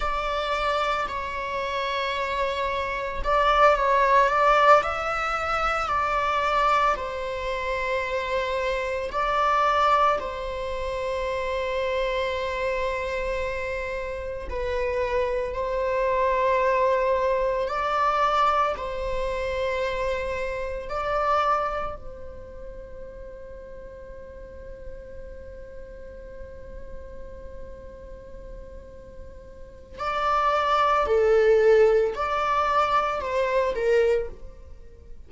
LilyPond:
\new Staff \with { instrumentName = "viola" } { \time 4/4 \tempo 4 = 56 d''4 cis''2 d''8 cis''8 | d''8 e''4 d''4 c''4.~ | c''8 d''4 c''2~ c''8~ | c''4. b'4 c''4.~ |
c''8 d''4 c''2 d''8~ | d''8 c''2.~ c''8~ | c''1 | d''4 a'4 d''4 c''8 ais'8 | }